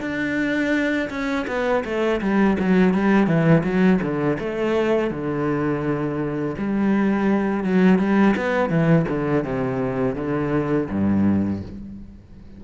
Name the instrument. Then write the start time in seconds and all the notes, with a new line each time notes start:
cello
0.00 D4
1.09 C#4
1.47 B3
1.84 A3
2.20 G3
2.59 F#3
2.93 G3
3.27 E3
3.63 F#3
4.01 D3
4.39 A3
5.10 D3
6.57 G3
7.63 F#3
7.98 G3
8.36 B3
8.69 E3
9.08 D3
9.44 C3
10.15 D3
10.90 G2